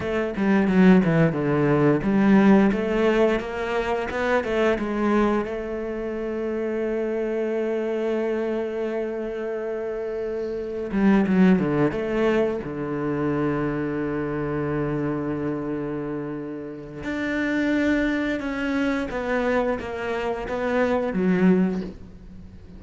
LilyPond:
\new Staff \with { instrumentName = "cello" } { \time 4/4 \tempo 4 = 88 a8 g8 fis8 e8 d4 g4 | a4 ais4 b8 a8 gis4 | a1~ | a1 |
g8 fis8 d8 a4 d4.~ | d1~ | d4 d'2 cis'4 | b4 ais4 b4 fis4 | }